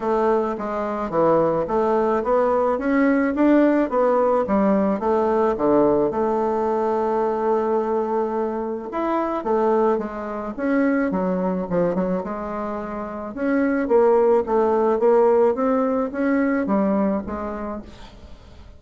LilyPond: \new Staff \with { instrumentName = "bassoon" } { \time 4/4 \tempo 4 = 108 a4 gis4 e4 a4 | b4 cis'4 d'4 b4 | g4 a4 d4 a4~ | a1 |
e'4 a4 gis4 cis'4 | fis4 f8 fis8 gis2 | cis'4 ais4 a4 ais4 | c'4 cis'4 g4 gis4 | }